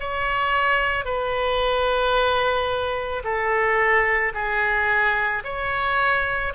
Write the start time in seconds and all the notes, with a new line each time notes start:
0.00 C#5
1.05 B4
3.24 A4
4.34 G#4
5.44 C#5